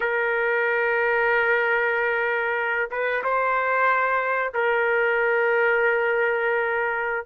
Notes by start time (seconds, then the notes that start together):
0.00 A#4
2.91 B4
3.23 C5
4.54 A#4